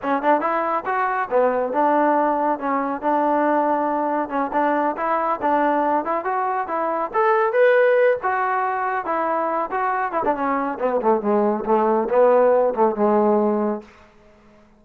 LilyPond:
\new Staff \with { instrumentName = "trombone" } { \time 4/4 \tempo 4 = 139 cis'8 d'8 e'4 fis'4 b4 | d'2 cis'4 d'4~ | d'2 cis'8 d'4 e'8~ | e'8 d'4. e'8 fis'4 e'8~ |
e'8 a'4 b'4. fis'4~ | fis'4 e'4. fis'4 e'16 d'16 | cis'4 b8 a8 gis4 a4 | b4. a8 gis2 | }